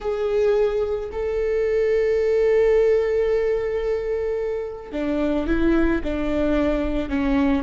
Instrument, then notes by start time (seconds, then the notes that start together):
viola
0.00 G#4
1.12 A4
4.92 D4
5.46 E4
6.03 D4
7.09 C#4